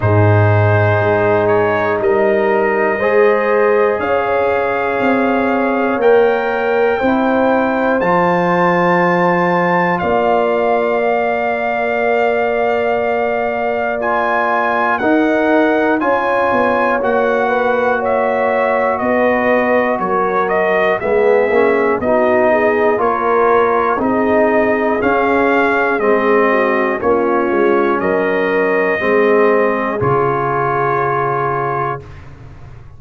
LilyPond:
<<
  \new Staff \with { instrumentName = "trumpet" } { \time 4/4 \tempo 4 = 60 c''4. cis''8 dis''2 | f''2 g''2 | a''2 f''2~ | f''2 gis''4 fis''4 |
gis''4 fis''4 e''4 dis''4 | cis''8 dis''8 e''4 dis''4 cis''4 | dis''4 f''4 dis''4 cis''4 | dis''2 cis''2 | }
  \new Staff \with { instrumentName = "horn" } { \time 4/4 gis'2 ais'4 c''4 | cis''2. c''4~ | c''2 d''2~ | d''2. ais'4 |
cis''4. b'8 cis''4 b'4 | ais'4 gis'4 fis'8 gis'8 ais'4 | gis'2~ gis'8 fis'8 f'4 | ais'4 gis'2. | }
  \new Staff \with { instrumentName = "trombone" } { \time 4/4 dis'2. gis'4~ | gis'2 ais'4 e'4 | f'2. ais'4~ | ais'2 f'4 dis'4 |
f'4 fis'2.~ | fis'4 b8 cis'8 dis'4 f'4 | dis'4 cis'4 c'4 cis'4~ | cis'4 c'4 f'2 | }
  \new Staff \with { instrumentName = "tuba" } { \time 4/4 gis,4 gis4 g4 gis4 | cis'4 c'4 ais4 c'4 | f2 ais2~ | ais2. dis'4 |
cis'8 b8 ais2 b4 | fis4 gis8 ais8 b4 ais4 | c'4 cis'4 gis4 ais8 gis8 | fis4 gis4 cis2 | }
>>